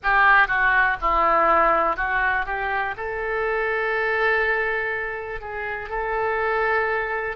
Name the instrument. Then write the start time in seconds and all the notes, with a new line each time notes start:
oboe
0.03 G4
0.47 F#4
1.01 E4
1.96 F#4
2.45 G4
2.96 A4
5.41 G#4
5.89 A4